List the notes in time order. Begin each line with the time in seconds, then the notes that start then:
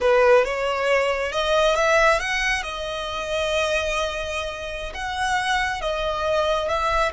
0.00 B4
0.44 C#5
1.31 D#5
1.75 E5
2.19 F#5
2.62 D#5
4.94 F#5
5.81 D#5
6.68 E5